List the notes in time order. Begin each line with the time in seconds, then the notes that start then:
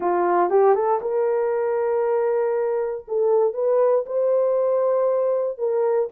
0.00 F4
0.50 G4
0.74 A4
1.01 A#4
3.07 A4
3.53 B4
4.06 C5
5.58 A#4